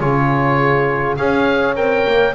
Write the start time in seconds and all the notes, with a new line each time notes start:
0.00 C#3 F4 G#4 C#5
1.16 C#4 G#4 C#5 F5
1.76 C4 A#4 G5
2.07 A#3